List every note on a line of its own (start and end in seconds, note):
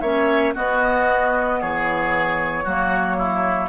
0.00 0.54 A#3
0.00 0.54 C#4
0.00 0.54 C#5
0.00 0.53 E5
0.54 2.64 B3
0.54 1.62 B3
0.54 1.59 F#4
0.54 1.61 D#5
1.61 2.65 E3
1.61 2.64 G#4
1.61 3.69 C#5
2.64 3.69 F#3
2.64 3.69 A#3
2.64 3.16 F#4
3.18 3.69 E4